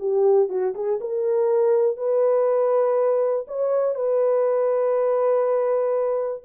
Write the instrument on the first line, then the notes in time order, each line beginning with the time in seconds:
horn
0.00 G4
0.49 F#4
0.75 G#4
1.01 A#4
1.97 B4
3.48 C#5
3.95 B4